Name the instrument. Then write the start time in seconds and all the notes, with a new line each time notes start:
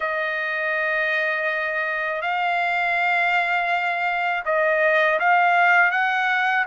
trumpet
0.00 D#5
2.21 F5
4.45 D#5
5.19 F5
5.91 F#5